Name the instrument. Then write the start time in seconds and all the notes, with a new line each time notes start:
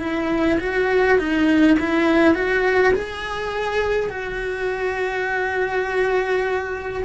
cello
0.00 E4
0.60 F#4
1.19 D#4
1.80 E4
2.35 F#4
2.95 G#4
4.10 F#4